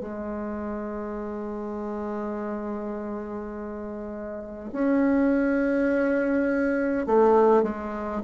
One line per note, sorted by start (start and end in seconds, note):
0.00 4.71 G#3
4.72 7.06 C#4
7.06 7.63 A3
7.63 8.21 G#3